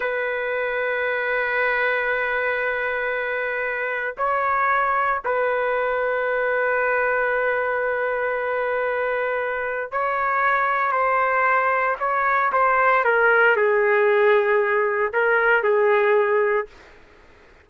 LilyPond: \new Staff \with { instrumentName = "trumpet" } { \time 4/4 \tempo 4 = 115 b'1~ | b'1 | cis''2 b'2~ | b'1~ |
b'2. cis''4~ | cis''4 c''2 cis''4 | c''4 ais'4 gis'2~ | gis'4 ais'4 gis'2 | }